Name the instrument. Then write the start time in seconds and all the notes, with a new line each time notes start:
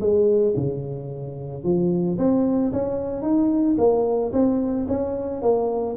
tuba
0.00 G#3
0.56 C#3
1.63 F3
2.18 C4
2.72 C#4
3.22 D#4
3.78 A#3
4.32 C4
4.87 C#4
5.42 A#3